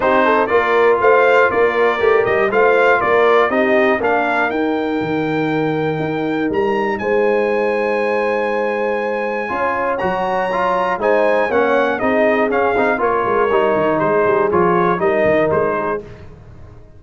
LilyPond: <<
  \new Staff \with { instrumentName = "trumpet" } { \time 4/4 \tempo 4 = 120 c''4 d''4 f''4 d''4~ | d''8 dis''8 f''4 d''4 dis''4 | f''4 g''2.~ | g''4 ais''4 gis''2~ |
gis''1 | ais''2 gis''4 fis''4 | dis''4 f''4 cis''2 | c''4 cis''4 dis''4 c''4 | }
  \new Staff \with { instrumentName = "horn" } { \time 4/4 g'8 a'8 ais'4 c''4 ais'4~ | ais'4 c''4 ais'4 g'4 | ais'1~ | ais'2 c''2~ |
c''2. cis''4~ | cis''2 c''4 cis''4 | gis'2 ais'2 | gis'2 ais'4. gis'8 | }
  \new Staff \with { instrumentName = "trombone" } { \time 4/4 dis'4 f'2. | g'4 f'2 dis'4 | d'4 dis'2.~ | dis'1~ |
dis'2. f'4 | fis'4 f'4 dis'4 cis'4 | dis'4 cis'8 dis'8 f'4 dis'4~ | dis'4 f'4 dis'2 | }
  \new Staff \with { instrumentName = "tuba" } { \time 4/4 c'4 ais4 a4 ais4 | a8 g8 a4 ais4 c'4 | ais4 dis'4 dis2 | dis'4 g4 gis2~ |
gis2. cis'4 | fis2 gis4 ais4 | c'4 cis'8 c'8 ais8 gis8 g8 dis8 | gis8 g8 f4 g8 dis8 gis4 | }
>>